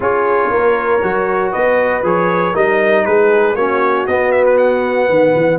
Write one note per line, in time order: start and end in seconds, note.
0.00 0.49 C#4
0.00 1.00 F4
0.00 0.51 G#4
0.00 1.52 C#5
0.49 1.00 A#3
0.49 1.52 A#4
1.03 1.53 F#3
1.03 2.03 F#4
1.52 2.02 B3
1.52 2.53 B4
1.52 2.02 D#5
2.02 2.53 F3
2.02 2.54 G#4
2.02 2.55 C#5
2.53 3.05 G3
2.53 3.56 D#4
2.53 3.03 A#4
2.53 3.05 D#5
3.05 3.55 G#3
3.05 3.56 G#4
3.05 3.55 B4
3.55 4.06 A#3
3.55 4.07 C#4
3.55 5.08 F#4
3.55 4.06 C#5
4.06 5.09 B3
4.06 5.58 B3
4.06 4.31 D#5
4.31 4.44 E5
4.45 4.57 B4
4.57 5.58 F#5
5.08 5.34 D#3
5.08 5.58 B4
5.35 5.58 E3